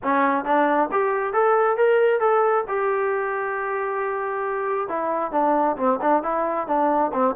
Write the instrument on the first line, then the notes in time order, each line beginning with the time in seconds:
trombone
0.03 C#4
0.44 D4
0.91 G4
1.33 A4
1.77 A#4
2.20 A4
2.68 G4
4.88 E4
5.31 D4
5.77 C4
6.01 D4
6.23 E4
6.67 D4
7.13 C4